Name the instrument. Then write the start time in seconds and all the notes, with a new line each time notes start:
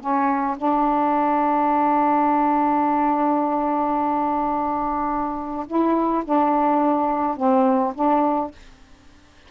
saxophone
0.00 C#4
0.57 D4
5.67 E4
6.25 D4
7.37 C4
7.95 D4